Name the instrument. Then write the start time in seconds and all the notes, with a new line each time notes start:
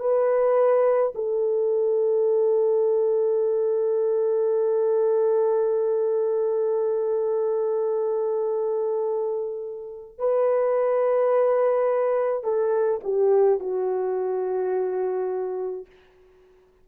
horn
0.00 B4
1.15 A4
10.19 B4
12.44 A4
13.04 G4
13.60 F#4